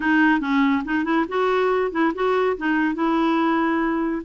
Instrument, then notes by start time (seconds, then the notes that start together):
clarinet
0.00 D#4
0.40 C#4
0.85 D#4
1.04 E4
1.28 F#4
1.91 E4
2.14 F#4
2.57 D#4
2.95 E4